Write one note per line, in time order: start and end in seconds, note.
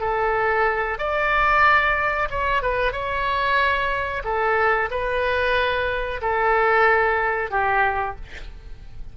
0.00 0.98 A4
0.98 2.29 D5
2.30 2.62 C#5
2.62 2.92 B4
2.92 4.22 C#5
4.24 4.89 A4
4.90 6.21 B4
6.21 7.51 A4
7.51 8.16 G4